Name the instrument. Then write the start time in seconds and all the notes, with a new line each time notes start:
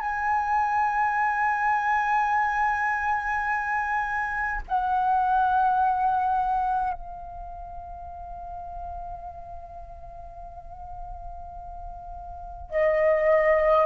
flute
0.00 G#5
4.68 F#5
6.94 F5
12.71 D#5